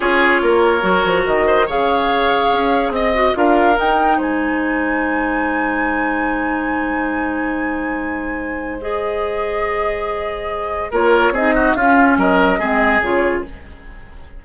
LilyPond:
<<
  \new Staff \with { instrumentName = "flute" } { \time 4/4 \tempo 4 = 143 cis''2. dis''4 | f''2. dis''4 | f''4 g''4 gis''2~ | gis''1~ |
gis''1~ | gis''4 dis''2.~ | dis''2 cis''4 dis''4 | f''4 dis''2 cis''4 | }
  \new Staff \with { instrumentName = "oboe" } { \time 4/4 gis'4 ais'2~ ais'8 c''8 | cis''2. dis''4 | ais'2 c''2~ | c''1~ |
c''1~ | c''1~ | c''2 ais'4 gis'8 fis'8 | f'4 ais'4 gis'2 | }
  \new Staff \with { instrumentName = "clarinet" } { \time 4/4 f'2 fis'2 | gis'2.~ gis'8 fis'8 | f'4 dis'2.~ | dis'1~ |
dis'1~ | dis'4 gis'2.~ | gis'2 f'4 dis'4 | cis'2 c'4 f'4 | }
  \new Staff \with { instrumentName = "bassoon" } { \time 4/4 cis'4 ais4 fis8 f8 dis4 | cis2 cis'4 c'4 | d'4 dis'4 gis2~ | gis1~ |
gis1~ | gis1~ | gis2 ais4 c'4 | cis'4 fis4 gis4 cis4 | }
>>